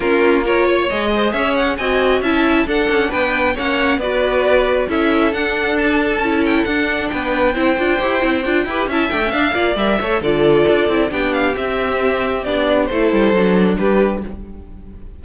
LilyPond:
<<
  \new Staff \with { instrumentName = "violin" } { \time 4/4 \tempo 4 = 135 ais'4 cis''4 dis''4 e''8 fis''8 | gis''4 a''4 fis''4 g''4 | fis''4 d''2 e''4 | fis''4 a''4. g''8 fis''4 |
g''1 | a''8 g''8 f''4 e''4 d''4~ | d''4 g''8 f''8 e''2 | d''4 c''2 b'4 | }
  \new Staff \with { instrumentName = "violin" } { \time 4/4 f'4 ais'8 cis''4 c''8 cis''4 | dis''4 e''4 a'4 b'4 | cis''4 b'2 a'4~ | a'1 |
b'4 c''2~ c''8 b'8 | e''4. d''4 cis''8 a'4~ | a'4 g'2.~ | g'4 a'2 g'4 | }
  \new Staff \with { instrumentName = "viola" } { \time 4/4 cis'4 f'4 gis'2 | fis'4 e'4 d'2 | cis'4 fis'2 e'4 | d'2 e'4 d'4~ |
d'4 e'8 f'8 g'8 e'8 f'8 g'8 | e'8 d'16 cis'16 d'8 f'8 ais'8 a'8 f'4~ | f'8 e'8 d'4 c'2 | d'4 e'4 d'2 | }
  \new Staff \with { instrumentName = "cello" } { \time 4/4 ais2 gis4 cis'4 | c'4 cis'4 d'8 cis'8 b4 | ais4 b2 cis'4 | d'2 cis'4 d'4 |
b4 c'8 d'8 e'8 c'8 d'8 e'8 | cis'8 a8 d'8 ais8 g8 a8 d4 | d'8 c'8 b4 c'2 | b4 a8 g8 fis4 g4 | }
>>